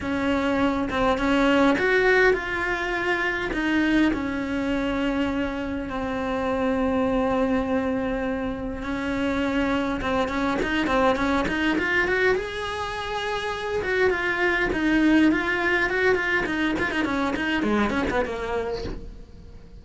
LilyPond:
\new Staff \with { instrumentName = "cello" } { \time 4/4 \tempo 4 = 102 cis'4. c'8 cis'4 fis'4 | f'2 dis'4 cis'4~ | cis'2 c'2~ | c'2. cis'4~ |
cis'4 c'8 cis'8 dis'8 c'8 cis'8 dis'8 | f'8 fis'8 gis'2~ gis'8 fis'8 | f'4 dis'4 f'4 fis'8 f'8 | dis'8 f'16 dis'16 cis'8 dis'8 gis8 cis'16 b16 ais4 | }